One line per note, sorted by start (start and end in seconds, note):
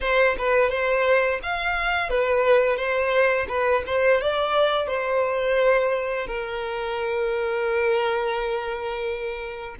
0.01 0.36 C5
0.38 0.70 B4
0.70 1.40 C5
1.42 2.09 F5
2.09 2.76 B4
2.76 3.46 C5
3.48 3.83 B4
3.86 4.21 C5
4.21 4.87 D5
4.87 6.26 C5
6.26 9.75 A#4